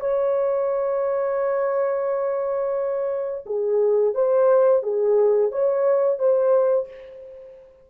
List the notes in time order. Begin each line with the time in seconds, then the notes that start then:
0.00 C#5
3.46 G#4
4.15 C5
4.83 G#4
5.51 C#5
6.19 C5